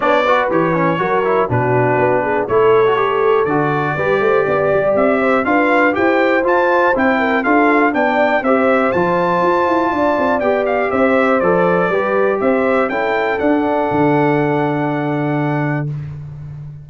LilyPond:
<<
  \new Staff \with { instrumentName = "trumpet" } { \time 4/4 \tempo 4 = 121 d''4 cis''2 b'4~ | b'4 cis''2 d''4~ | d''2 e''4 f''4 | g''4 a''4 g''4 f''4 |
g''4 e''4 a''2~ | a''4 g''8 f''8 e''4 d''4~ | d''4 e''4 g''4 fis''4~ | fis''1 | }
  \new Staff \with { instrumentName = "horn" } { \time 4/4 cis''8 b'4. ais'4 fis'4~ | fis'8 gis'8 a'2. | b'8 c''8 d''4. c''8 b'4 | c''2~ c''8 ais'8 a'4 |
d''4 c''2. | d''2 c''2 | b'4 c''4 a'2~ | a'1 | }
  \new Staff \with { instrumentName = "trombone" } { \time 4/4 d'8 fis'8 g'8 cis'8 fis'8 e'8 d'4~ | d'4 e'8. fis'16 g'4 fis'4 | g'2. f'4 | g'4 f'4 e'4 f'4 |
d'4 g'4 f'2~ | f'4 g'2 a'4 | g'2 e'4 d'4~ | d'1 | }
  \new Staff \with { instrumentName = "tuba" } { \time 4/4 b4 e4 fis4 b,4 | b4 a2 d4 | g8 a8 b8 g8 c'4 d'4 | e'4 f'4 c'4 d'4 |
b4 c'4 f4 f'8 e'8 | d'8 c'8 b4 c'4 f4 | g4 c'4 cis'4 d'4 | d1 | }
>>